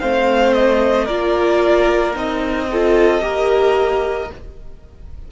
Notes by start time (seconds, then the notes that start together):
0.00 A3 C4 C5 F5
0.53 D#5
1.05 A#3 F4 A#4 D5
2.15 C4 D#4 D#5
2.71 F4 A4
3.21 A#3 G4 A#4